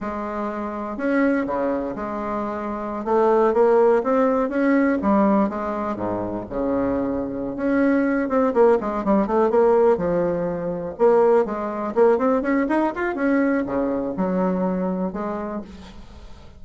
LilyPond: \new Staff \with { instrumentName = "bassoon" } { \time 4/4 \tempo 4 = 123 gis2 cis'4 cis4 | gis2~ gis16 a4 ais8.~ | ais16 c'4 cis'4 g4 gis8.~ | gis16 gis,4 cis2~ cis16 cis'8~ |
cis'4 c'8 ais8 gis8 g8 a8 ais8~ | ais8 f2 ais4 gis8~ | gis8 ais8 c'8 cis'8 dis'8 f'8 cis'4 | cis4 fis2 gis4 | }